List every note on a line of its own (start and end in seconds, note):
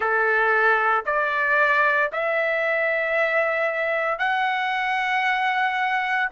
0.00 1.04 A4
1.05 2.11 D5
2.12 4.18 E5
4.18 6.29 F#5